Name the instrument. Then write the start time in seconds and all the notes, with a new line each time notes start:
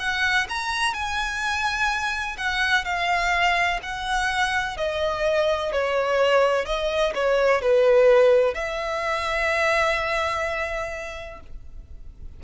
violin
0.00 F#5
0.49 A#5
0.94 G#5
2.38 F#5
2.85 F5
3.83 F#5
4.77 D#5
5.72 C#5
6.66 D#5
7.15 C#5
7.62 B4
8.55 E5